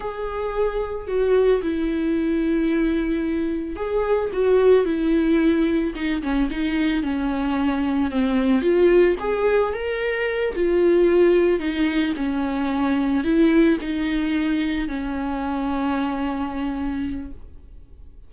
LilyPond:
\new Staff \with { instrumentName = "viola" } { \time 4/4 \tempo 4 = 111 gis'2 fis'4 e'4~ | e'2. gis'4 | fis'4 e'2 dis'8 cis'8 | dis'4 cis'2 c'4 |
f'4 gis'4 ais'4. f'8~ | f'4. dis'4 cis'4.~ | cis'8 e'4 dis'2 cis'8~ | cis'1 | }